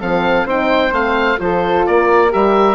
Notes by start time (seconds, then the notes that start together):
0.00 F3 C4 A4 F5
0.46 C4 D#4 C5 G5
0.91 A3 C4 F5
1.38 F3 F4 A4 C5
1.86 A#3 A#4 D5
2.30 G3 G4 E5